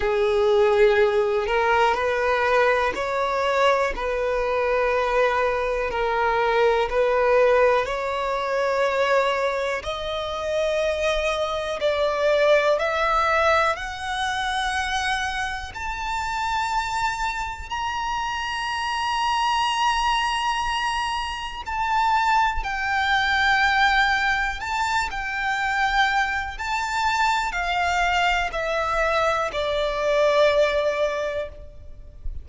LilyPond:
\new Staff \with { instrumentName = "violin" } { \time 4/4 \tempo 4 = 61 gis'4. ais'8 b'4 cis''4 | b'2 ais'4 b'4 | cis''2 dis''2 | d''4 e''4 fis''2 |
a''2 ais''2~ | ais''2 a''4 g''4~ | g''4 a''8 g''4. a''4 | f''4 e''4 d''2 | }